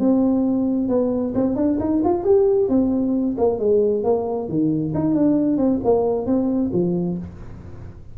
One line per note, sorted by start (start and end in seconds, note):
0.00 0.89 C4
0.89 1.34 B3
1.35 1.56 C4
1.56 1.79 D4
1.80 2.03 D#4
2.05 2.24 F4
2.24 2.69 G4
2.69 3.36 C4
3.38 3.59 A#3
3.59 4.04 G#3
4.04 4.49 A#3
4.49 4.94 D#3
4.94 5.16 D#4
5.16 5.58 D4
5.58 5.80 C4
5.85 6.27 A#3
6.27 6.71 C4
6.73 7.18 F3